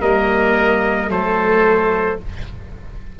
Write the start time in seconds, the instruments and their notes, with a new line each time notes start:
0.00 tuba G3, viola A#3, oboe A#4, trumpet D#5
1.08 tuba F#3, viola A3, oboe A4, trumpet C5